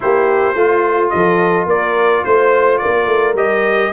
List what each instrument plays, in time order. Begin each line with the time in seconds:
0.00 tuba A#3, trombone E4, horn G4, trumpet C5
0.55 tuba A3, horn F4, trombone F4
1.09 tuba F3, horn A4, trumpet D#5
1.66 tuba A#3, horn A#4, trumpet D5
2.24 tuba A3, trumpet C5, horn C5
2.78 horn A#4, trumpet D5
2.84 tuba A#3
3.06 tuba A3
3.34 tuba G3, trombone G4, trumpet D#5